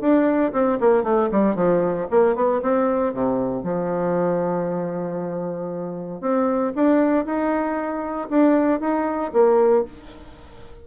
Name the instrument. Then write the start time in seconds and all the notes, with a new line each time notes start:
bassoon
0.00 D4
0.52 C4
0.80 A#3
1.03 A3
1.31 G3
1.55 F3
2.10 A#3
2.35 B3
2.62 C4
3.13 C3
3.63 F3
6.21 C4
6.75 D4
7.25 D#4
8.29 D4
8.80 D#4
9.32 A#3